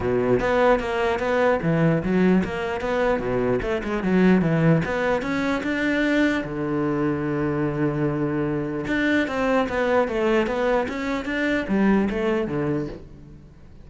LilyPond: \new Staff \with { instrumentName = "cello" } { \time 4/4 \tempo 4 = 149 b,4 b4 ais4 b4 | e4 fis4 ais4 b4 | b,4 a8 gis8 fis4 e4 | b4 cis'4 d'2 |
d1~ | d2 d'4 c'4 | b4 a4 b4 cis'4 | d'4 g4 a4 d4 | }